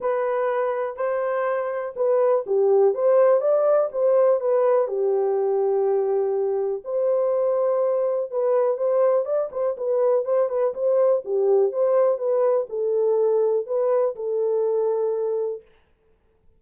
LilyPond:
\new Staff \with { instrumentName = "horn" } { \time 4/4 \tempo 4 = 123 b'2 c''2 | b'4 g'4 c''4 d''4 | c''4 b'4 g'2~ | g'2 c''2~ |
c''4 b'4 c''4 d''8 c''8 | b'4 c''8 b'8 c''4 g'4 | c''4 b'4 a'2 | b'4 a'2. | }